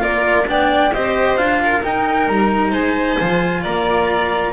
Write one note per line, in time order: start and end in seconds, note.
0.00 0.47 A#3
0.00 0.45 F4
0.00 0.46 A#4
0.00 0.48 D5
0.47 0.93 B3
0.47 0.92 D4
0.47 0.94 D5
0.47 0.94 G5
0.94 1.38 C4
0.94 1.37 G4
0.94 1.62 C5
0.94 1.37 D#5
1.37 1.83 D4
1.37 1.83 F4
1.37 1.83 F5
1.63 2.71 A#4
1.83 3.19 D#4
1.83 2.28 D#4
1.83 2.29 G5
2.28 2.71 G3
2.28 2.73 A#5
2.71 3.17 G#3
2.71 3.61 C5
2.71 3.64 G#5
3.20 3.66 F3
3.20 4.53 F4
3.63 4.53 A#3
3.63 4.53 D5
3.63 4.53 A#5